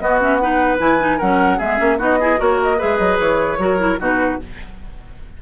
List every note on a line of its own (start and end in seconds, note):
0.00 0.20 B3
0.00 0.80 B3
0.00 0.42 F#4
0.00 0.20 D#5
0.20 0.40 C#4
0.20 0.37 E5
0.37 0.79 D#4
0.37 1.18 B4
0.37 0.77 F#5
0.79 1.20 E3
0.79 0.99 E4
0.79 1.20 G#5
1.00 1.20 D#4
1.18 1.60 F#3
1.18 1.61 C#4
1.18 1.58 A#4
1.18 1.60 F#5
1.58 1.80 G#3
1.58 1.77 B3
1.58 1.98 G#4
1.58 2.00 E5
1.77 1.99 A#3
1.77 1.97 C#4
1.98 2.39 B3
1.98 2.19 D#4
1.98 2.18 F#4
1.98 2.41 D#5
2.20 2.38 E4
2.20 2.40 G#4
2.38 2.82 A#3
2.38 2.78 F#4
2.38 2.78 A#4
2.38 2.61 C#5
2.63 2.81 D#5
2.78 2.99 G#3
2.78 3.59 G#4
2.78 3.58 B4
2.78 2.98 E5
2.98 3.19 F#3
2.98 3.18 D#5
3.20 3.59 E3
3.20 4.00 C#5
3.59 3.99 F#3
3.59 3.79 F#4
3.59 4.00 A#4
3.79 3.99 E4
4.00 4.40 B2
4.00 4.40 D#4
4.00 4.40 F#4
4.00 4.43 B4